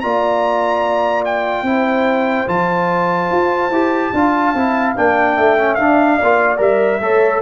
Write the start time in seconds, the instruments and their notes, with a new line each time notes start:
0.00 tuba A#3, trombone F4, horn D5, trumpet A#5
1.25 trumpet G5
1.62 tuba C4, trombone E4
1.70 horn C5
2.47 tuba F3, trombone F4, trumpet A5
3.31 tuba F4
3.70 tuba E4, trombone G4
4.13 tuba D4, trombone F4, horn F5
4.54 tuba C4, trombone E4
4.96 tuba A#3, trombone D4, trumpet G5
5.37 tuba A3, horn E5
5.57 trombone C#4
5.74 tuba D4, trombone D4, trumpet F5
6.16 horn D5
6.23 tuba A#3, trombone F4
6.57 tuba G3, trombone A#4, trumpet E5
7.00 tuba A3, trombone A4, horn C#5